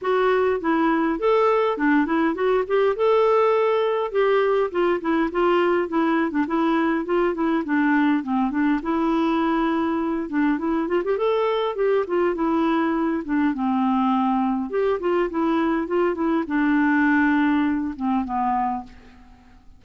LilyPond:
\new Staff \with { instrumentName = "clarinet" } { \time 4/4 \tempo 4 = 102 fis'4 e'4 a'4 d'8 e'8 | fis'8 g'8 a'2 g'4 | f'8 e'8 f'4 e'8. d'16 e'4 | f'8 e'8 d'4 c'8 d'8 e'4~ |
e'4. d'8 e'8 f'16 g'16 a'4 | g'8 f'8 e'4. d'8 c'4~ | c'4 g'8 f'8 e'4 f'8 e'8 | d'2~ d'8 c'8 b4 | }